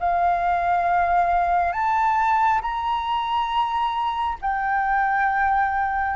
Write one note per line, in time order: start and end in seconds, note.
0.00 1.73 F5
1.73 2.61 A5
2.61 4.38 A#5
4.42 6.16 G5